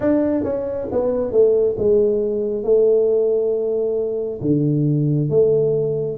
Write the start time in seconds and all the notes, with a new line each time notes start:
0.00 D4
0.43 C#4
0.91 B3
1.31 A3
1.78 G#3
2.63 A3
4.41 D3
5.29 A3